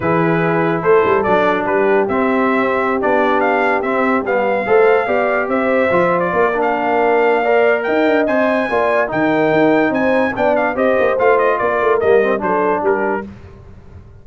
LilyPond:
<<
  \new Staff \with { instrumentName = "trumpet" } { \time 4/4 \tempo 4 = 145 b'2 c''4 d''4 | b'4 e''2~ e''16 d''8.~ | d''16 f''4 e''4 f''4.~ f''16~ | f''4~ f''16 e''4.~ e''16 d''4 |
f''2. g''4 | gis''2 g''2 | gis''4 g''8 f''8 dis''4 f''8 dis''8 | d''4 dis''4 c''4 ais'4 | }
  \new Staff \with { instrumentName = "horn" } { \time 4/4 gis'2 a'2 | g'1~ | g'2.~ g'16 c''8.~ | c''16 d''4 c''2 ais'8.~ |
ais'2 d''4 dis''4~ | dis''4 d''4 ais'2 | c''4 d''4 c''2 | ais'2 a'4 g'4 | }
  \new Staff \with { instrumentName = "trombone" } { \time 4/4 e'2. d'4~ | d'4 c'2~ c'16 d'8.~ | d'4~ d'16 c'4 b4 a'8.~ | a'16 g'2 f'4. d'16~ |
d'2 ais'2 | c''4 f'4 dis'2~ | dis'4 d'4 g'4 f'4~ | f'4 ais8 c'8 d'2 | }
  \new Staff \with { instrumentName = "tuba" } { \time 4/4 e2 a8 g8 fis4 | g4 c'2~ c'16 b8.~ | b4~ b16 c'4 g4 a8.~ | a16 b4 c'4 f4 ais8.~ |
ais2. dis'8 d'8 | c'4 ais4 dis4 dis'4 | c'4 b4 c'8 ais8 a4 | ais8 a8 g4 fis4 g4 | }
>>